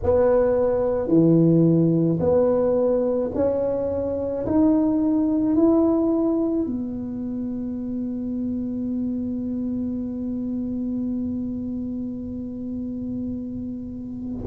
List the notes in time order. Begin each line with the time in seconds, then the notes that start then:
0.03 B3
1.08 E3
2.19 B3
3.34 C#4
4.45 D#4
5.56 E4
6.66 B3